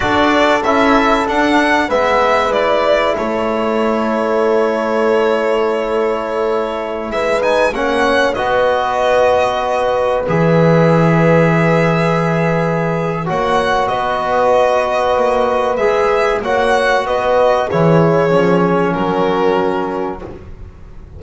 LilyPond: <<
  \new Staff \with { instrumentName = "violin" } { \time 4/4 \tempo 4 = 95 d''4 e''4 fis''4 e''4 | d''4 cis''2.~ | cis''2.~ cis''16 e''8 gis''16~ | gis''16 fis''4 dis''2~ dis''8.~ |
dis''16 e''2.~ e''8.~ | e''4 fis''4 dis''2~ | dis''4 e''4 fis''4 dis''4 | cis''2 ais'2 | }
  \new Staff \with { instrumentName = "horn" } { \time 4/4 a'2. b'4~ | b'4 a'2.~ | a'2.~ a'16 b'8.~ | b'16 cis''4 b'2~ b'8.~ |
b'1~ | b'4 cis''4 b'2~ | b'2 cis''4 b'4 | gis'2 fis'2 | }
  \new Staff \with { instrumentName = "trombone" } { \time 4/4 fis'4 e'4 d'4 b4 | e'1~ | e'2.~ e'8. dis'16~ | dis'16 cis'4 fis'2~ fis'8.~ |
fis'16 gis'2.~ gis'8.~ | gis'4 fis'2.~ | fis'4 gis'4 fis'2 | e'4 cis'2. | }
  \new Staff \with { instrumentName = "double bass" } { \time 4/4 d'4 cis'4 d'4 gis4~ | gis4 a2.~ | a2.~ a16 gis8.~ | gis16 ais4 b2~ b8.~ |
b16 e2.~ e8.~ | e4 ais4 b2 | ais4 gis4 ais4 b4 | e4 f4 fis2 | }
>>